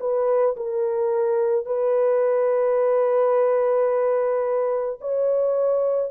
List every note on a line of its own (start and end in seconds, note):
0.00 0.56 B4
0.56 1.66 A#4
1.66 4.99 B4
5.01 6.11 C#5